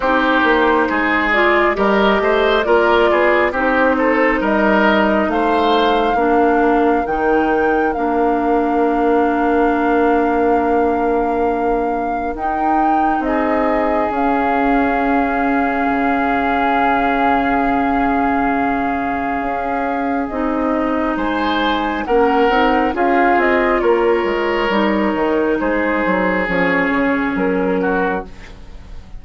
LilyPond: <<
  \new Staff \with { instrumentName = "flute" } { \time 4/4 \tempo 4 = 68 c''4. d''8 dis''4 d''4 | c''4 dis''4 f''2 | g''4 f''2.~ | f''2 g''4 dis''4 |
f''1~ | f''2. dis''4 | gis''4 fis''4 f''8 dis''8 cis''4~ | cis''4 c''4 cis''4 ais'4 | }
  \new Staff \with { instrumentName = "oboe" } { \time 4/4 g'4 gis'4 ais'8 c''8 ais'8 gis'8 | g'8 a'8 ais'4 c''4 ais'4~ | ais'1~ | ais'2. gis'4~ |
gis'1~ | gis'1 | c''4 ais'4 gis'4 ais'4~ | ais'4 gis'2~ gis'8 fis'8 | }
  \new Staff \with { instrumentName = "clarinet" } { \time 4/4 dis'4. f'8 g'4 f'4 | dis'2. d'4 | dis'4 d'2.~ | d'2 dis'2 |
cis'1~ | cis'2. dis'4~ | dis'4 cis'8 dis'8 f'2 | dis'2 cis'2 | }
  \new Staff \with { instrumentName = "bassoon" } { \time 4/4 c'8 ais8 gis4 g8 a8 ais8 b8 | c'4 g4 a4 ais4 | dis4 ais2.~ | ais2 dis'4 c'4 |
cis'2 cis2~ | cis2 cis'4 c'4 | gis4 ais8 c'8 cis'8 c'8 ais8 gis8 | g8 dis8 gis8 fis8 f8 cis8 fis4 | }
>>